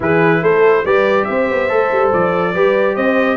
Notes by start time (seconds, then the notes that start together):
0.00 E3 E4 G#4 B4
0.41 A3 A4 C5
0.85 G3 G4 B4 D5
1.24 C4 C5 E5
1.50 B3
1.69 A3 A4
1.91 G3
2.12 F3 D5
2.53 G3 G4 B4
2.94 C4 C5 D#5